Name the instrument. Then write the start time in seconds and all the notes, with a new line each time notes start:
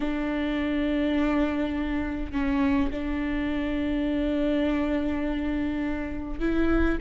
viola
0.00 D4
2.32 C#4
2.90 D4
6.39 E4